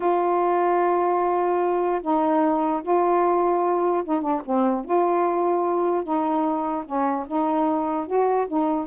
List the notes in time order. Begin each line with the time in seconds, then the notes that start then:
0.00 F4
2.02 D#4
2.82 F4
4.04 D#4
4.21 D4
4.45 C4
4.84 F4
6.03 D#4
6.85 C#4
7.27 D#4
8.06 F#4
8.47 D#4